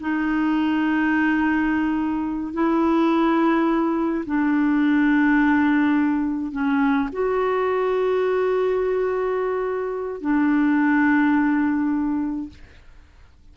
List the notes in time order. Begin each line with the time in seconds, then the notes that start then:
0.00 D#4
2.53 E4
4.26 D4
6.52 C#4
7.12 F#4
10.21 D4